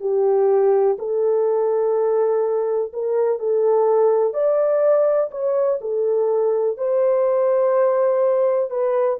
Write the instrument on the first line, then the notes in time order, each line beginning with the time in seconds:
horn
0.00 G4
0.98 A4
2.93 A#4
3.39 A4
4.33 D5
5.31 C#5
5.81 A4
6.77 C5
8.70 B4